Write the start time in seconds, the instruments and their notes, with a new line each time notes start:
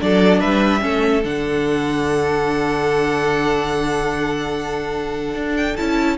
0.00 cello F#3, viola D4, violin A4 D5
0.40 cello G3, violin B4 E5
0.80 cello A3, viola C#4, violin A4
1.24 cello D3, viola D4, violin F#5
5.34 cello D4
5.56 violin G5
5.76 cello C#4, viola E4, violin A5